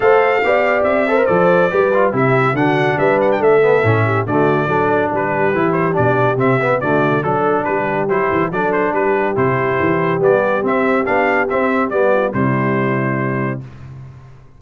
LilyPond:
<<
  \new Staff \with { instrumentName = "trumpet" } { \time 4/4 \tempo 4 = 141 f''2 e''4 d''4~ | d''4 e''4 fis''4 e''8 fis''16 g''16 | e''2 d''2 | b'4. c''8 d''4 e''4 |
d''4 a'4 b'4 c''4 | d''8 c''8 b'4 c''2 | d''4 e''4 f''4 e''4 | d''4 c''2. | }
  \new Staff \with { instrumentName = "horn" } { \time 4/4 c''4 d''4. c''4. | b'4 g'4 fis'4 b'4 | a'4. g'8 fis'4 a'4 | g'1 |
fis'4 a'4 g'2 | a'4 g'2.~ | g'1~ | g'8 f'8 e'2. | }
  \new Staff \with { instrumentName = "trombone" } { \time 4/4 a'4 g'4. a'16 ais'16 a'4 | g'8 f'8 e'4 d'2~ | d'8 b8 cis'4 a4 d'4~ | d'4 e'4 d'4 c'8 b8 |
a4 d'2 e'4 | d'2 e'2 | b4 c'4 d'4 c'4 | b4 g2. | }
  \new Staff \with { instrumentName = "tuba" } { \time 4/4 a4 b4 c'4 f4 | g4 c4 d4 g4 | a4 a,4 d4 fis4 | g4 e4 b,4 c4 |
d4 fis4 g4 fis8 e8 | fis4 g4 c4 e4 | g4 c'4 b4 c'4 | g4 c2. | }
>>